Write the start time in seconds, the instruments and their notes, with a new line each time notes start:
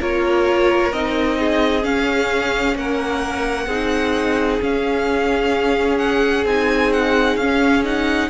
0.00 cello A#3, viola F4, violin A#4 C#5
0.92 cello C4, viola D#4, violin D#5
1.39 violin G#4
1.83 viola C#4, cello C#4, violin F5
2.76 cello A#3, violin A#4 F#5
3.67 cello C4, viola D#4, violin G#4
4.61 viola C#4, cello C#4, violin F5
5.98 violin F#5
6.45 cello C4, viola D#4, violin G#5
6.93 violin F#5
7.37 cello C#4, viola C#4, violin F5
7.84 viola D#4, violin F#5